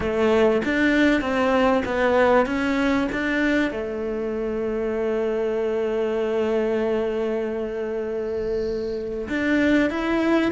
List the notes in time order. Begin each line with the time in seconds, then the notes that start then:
0.00 A3
0.64 D4
1.21 C4
1.85 B3
2.46 C#4
3.12 D4
3.71 A3
9.28 D4
9.90 E4